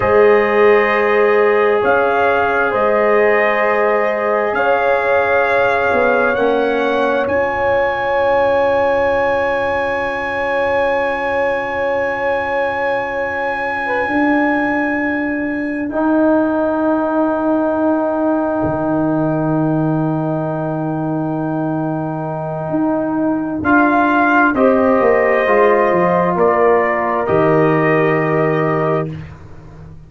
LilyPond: <<
  \new Staff \with { instrumentName = "trumpet" } { \time 4/4 \tempo 4 = 66 dis''2 f''4 dis''4~ | dis''4 f''2 fis''4 | gis''1~ | gis''1~ |
gis''4. g''2~ g''8~ | g''1~ | g''2 f''4 dis''4~ | dis''4 d''4 dis''2 | }
  \new Staff \with { instrumentName = "horn" } { \time 4/4 c''2 cis''4 c''4~ | c''4 cis''2.~ | cis''1~ | cis''2.~ cis''16 b'16 ais'8~ |
ais'1~ | ais'1~ | ais'2. c''4~ | c''4 ais'2. | }
  \new Staff \with { instrumentName = "trombone" } { \time 4/4 gis'1~ | gis'2. cis'4 | f'1~ | f'1~ |
f'4. dis'2~ dis'8~ | dis'1~ | dis'2 f'4 g'4 | f'2 g'2 | }
  \new Staff \with { instrumentName = "tuba" } { \time 4/4 gis2 cis'4 gis4~ | gis4 cis'4. b8 ais4 | cis'1~ | cis'2.~ cis'8 d'8~ |
d'4. dis'2~ dis'8~ | dis'8 dis2.~ dis8~ | dis4 dis'4 d'4 c'8 ais8 | gis8 f8 ais4 dis2 | }
>>